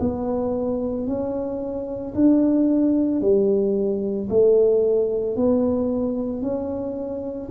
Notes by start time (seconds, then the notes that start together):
0.00 B3
1.07 C#4
2.15 D4
3.21 G3
4.29 A3
5.36 B3
6.42 C#4